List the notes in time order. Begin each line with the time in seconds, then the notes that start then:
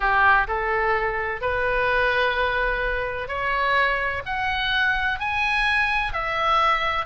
0.00 G4
0.47 A4
1.41 B4
3.28 C#5
4.25 F#5
5.19 G#5
6.13 E5